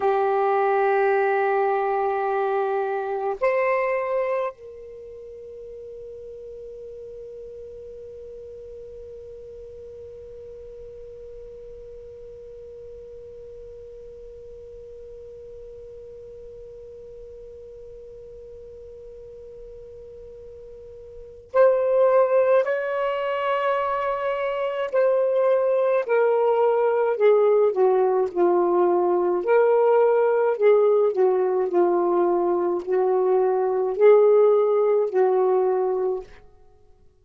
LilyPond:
\new Staff \with { instrumentName = "saxophone" } { \time 4/4 \tempo 4 = 53 g'2. c''4 | ais'1~ | ais'1~ | ais'1~ |
ais'2. c''4 | cis''2 c''4 ais'4 | gis'8 fis'8 f'4 ais'4 gis'8 fis'8 | f'4 fis'4 gis'4 fis'4 | }